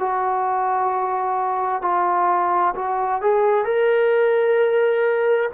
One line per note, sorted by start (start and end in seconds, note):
0.00 1.82 F#4
1.82 2.74 F4
2.76 3.22 F#4
3.22 3.65 G#4
3.65 5.50 A#4